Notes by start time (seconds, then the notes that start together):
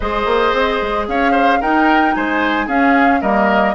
0.00 G#3 G#4 C5 D#5
0.25 A#3
0.52 C4
0.81 G#3
1.08 C#4 C#5 F5
1.31 C5
1.60 D#4 A#4 G5
2.14 G#3 C5 G#5
2.66 C#4 G#4 F5
3.21 G3 A#3 A#4 D#5